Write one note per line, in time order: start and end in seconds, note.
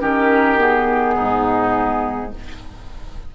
0.00 1.17 D#3
0.00 0.58 C#4
0.00 1.15 G4
0.00 0.59 A#4
0.58 2.31 B3
0.58 2.34 G#4
1.15 2.35 G#2
1.15 2.30 D#4